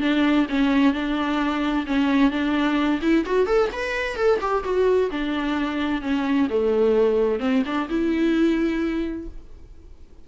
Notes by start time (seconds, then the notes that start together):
0.00 D4
0.49 C#4
0.93 D4
1.86 C#4
2.31 D4
3.01 E4
3.25 F#4
3.46 A4
3.72 B4
4.16 A4
4.41 G4
4.64 F#4
5.11 D4
6.02 C#4
6.49 A3
7.40 C4
7.65 D4
7.89 E4